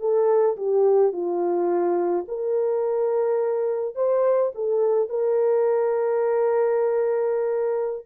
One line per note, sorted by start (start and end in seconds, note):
0.00 0.57 A4
0.57 1.12 G4
1.12 2.26 F4
2.28 3.95 A#4
3.95 4.52 C5
4.55 5.09 A4
5.09 8.06 A#4